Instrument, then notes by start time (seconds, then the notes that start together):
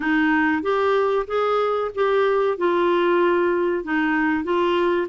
clarinet
0.00 D#4
0.62 G4
1.27 G#4
1.94 G4
2.57 F4
3.84 D#4
4.44 F4